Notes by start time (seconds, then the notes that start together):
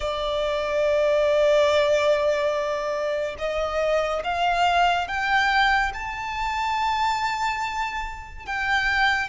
0.00 D5
3.38 D#5
4.23 F5
5.07 G5
5.93 A5
8.45 G5